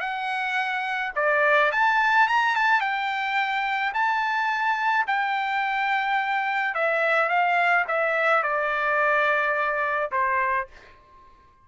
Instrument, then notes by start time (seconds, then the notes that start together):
trumpet
0.00 F#5
1.15 D5
1.72 A5
2.28 A#5
2.55 A5
2.80 G5
3.94 A5
5.07 G5
6.74 E5
7.29 F5
7.88 E5
8.43 D5
10.11 C5